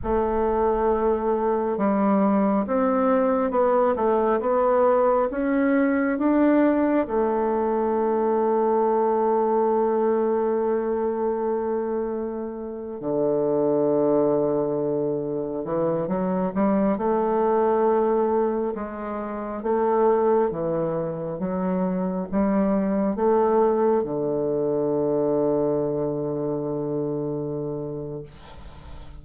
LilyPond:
\new Staff \with { instrumentName = "bassoon" } { \time 4/4 \tempo 4 = 68 a2 g4 c'4 | b8 a8 b4 cis'4 d'4 | a1~ | a2~ a8. d4~ d16~ |
d4.~ d16 e8 fis8 g8 a8.~ | a4~ a16 gis4 a4 e8.~ | e16 fis4 g4 a4 d8.~ | d1 | }